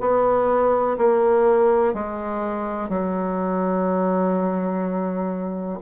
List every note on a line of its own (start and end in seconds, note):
0.00 0.97 B3
0.98 1.94 A#3
1.94 2.89 G#3
2.89 5.79 F#3